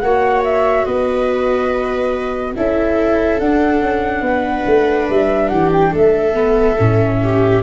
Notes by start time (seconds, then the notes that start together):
0.00 A#3 F#4 C#5 F#5
0.44 E5
0.86 B3 B4 D#5
2.56 C#4 E4 A4 E5
3.39 D4 F#5
3.81 C#4
4.21 B3 B4
4.66 A3
5.10 G3 E5
5.48 E3 G4 F#5
5.73 G5
5.92 A3 A4 E5
6.34 B3
6.79 A2 C#4
7.23 G4